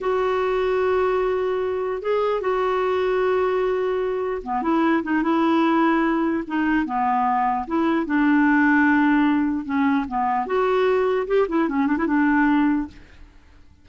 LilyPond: \new Staff \with { instrumentName = "clarinet" } { \time 4/4 \tempo 4 = 149 fis'1~ | fis'4 gis'4 fis'2~ | fis'2. b8 e'8~ | e'8 dis'8 e'2. |
dis'4 b2 e'4 | d'1 | cis'4 b4 fis'2 | g'8 e'8 cis'8 d'16 e'16 d'2 | }